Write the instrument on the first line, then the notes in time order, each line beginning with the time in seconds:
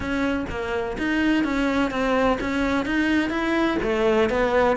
cello
0.00 C#4
0.49 A#3
0.98 D#4
1.44 C#4
1.90 C4
2.40 C#4
2.85 D#4
3.30 E4
3.82 A3
4.29 B3